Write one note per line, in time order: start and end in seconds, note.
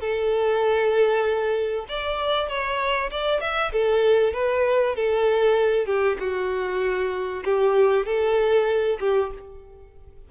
0.00 1.86 A4
1.88 2.48 D5
2.48 3.10 C#5
3.11 3.41 D5
3.41 3.72 E5
3.72 4.33 A4
4.33 4.95 B4
4.95 5.86 A4
5.86 6.17 G4
6.19 7.43 F#4
7.44 8.06 G4
8.06 8.99 A4
9.00 9.31 G4